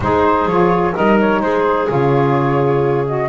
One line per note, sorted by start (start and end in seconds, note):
0.00 0.46 G#3
0.00 0.49 D#4
0.00 0.93 G#4
0.00 0.48 C5
0.46 0.93 F3
0.46 0.93 F4
0.46 0.95 C#5
0.93 1.40 G3
0.93 1.87 D#4
0.93 1.41 A#4
0.93 1.19 D#5
1.20 1.41 C#5
1.40 1.88 G#3
1.40 3.29 G#4
1.40 1.88 C5
1.87 3.29 C#3
1.87 3.05 F4
1.87 3.07 C#5
3.06 3.29 F#4
3.06 3.29 D#5